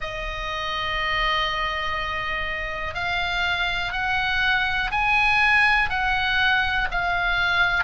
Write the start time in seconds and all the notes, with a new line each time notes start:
0.00 D#5
2.94 F5
3.92 F#5
4.91 G#5
5.89 F#5
6.91 F5